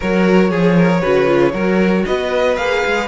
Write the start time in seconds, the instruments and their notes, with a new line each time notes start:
0.00 cello F#3, viola F#4, violin A#4 C#5
0.50 cello F3, violin G#4, viola G#4
0.76 violin A#4
1.00 cello C#3, viola F#4, violin B4
1.26 viola F4
1.53 cello F#3, viola F#4, violin A#4
2.05 cello B3, violin B4 D#5
2.56 cello A#3, viola G#4, violin F5
2.86 cello G#3